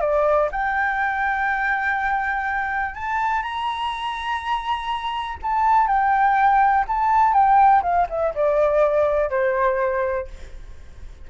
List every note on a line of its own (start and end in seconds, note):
0.00 0.49 D5
0.51 2.94 G5
2.94 3.42 A5
3.42 5.37 A#5
5.42 5.87 A5
5.87 6.84 G5
6.87 7.33 A5
7.33 7.82 G5
7.82 8.06 F5
8.09 8.33 E5
8.34 9.29 D5
9.29 10.27 C5